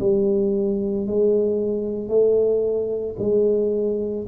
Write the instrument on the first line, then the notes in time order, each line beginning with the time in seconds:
tuba
0.00 G3
1.07 G#3
2.09 A3
3.19 G#3